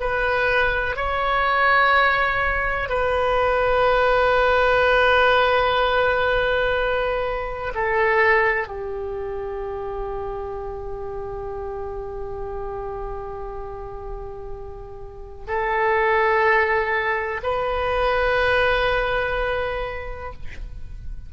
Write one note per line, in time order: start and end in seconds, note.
0.00 0.96 B4
0.96 2.89 C#5
2.89 7.73 B4
7.75 8.67 A4
8.67 15.45 G4
15.48 17.41 A4
17.43 20.33 B4